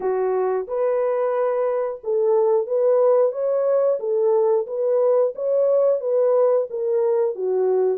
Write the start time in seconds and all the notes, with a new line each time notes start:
0.00 F#4
0.67 B4
2.03 A4
2.67 B4
3.32 C#5
3.99 A4
4.67 B4
5.35 C#5
6.00 B4
6.69 A#4
7.35 F#4